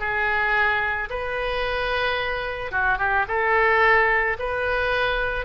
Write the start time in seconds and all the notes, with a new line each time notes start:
0.00 G#4
1.10 B4
2.72 F#4
2.99 G4
3.28 A4
4.39 B4